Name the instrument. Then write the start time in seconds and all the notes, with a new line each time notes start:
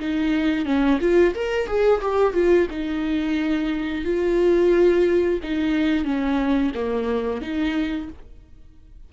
viola
0.00 D#4
0.66 C#4
1.01 F4
1.35 A#4
1.67 G#4
2.02 G4
2.34 F4
2.71 D#4
4.05 F4
5.43 D#4
6.05 C#4
6.75 A#3
7.42 D#4